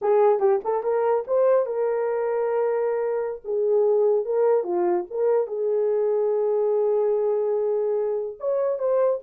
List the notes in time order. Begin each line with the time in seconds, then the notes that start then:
0.01 G#4
0.39 G4
0.64 A4
0.83 A#4
1.27 C5
1.66 A#4
3.44 G#4
4.25 A#4
4.63 F4
5.10 A#4
5.47 G#4
8.39 C#5
8.78 C5